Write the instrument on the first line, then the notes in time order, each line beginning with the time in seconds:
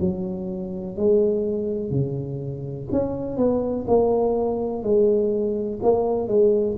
tuba
0.00 F#3
0.96 G#3
1.91 C#3
2.92 C#4
3.37 B3
3.88 A#3
4.83 G#3
5.83 A#3
6.28 G#3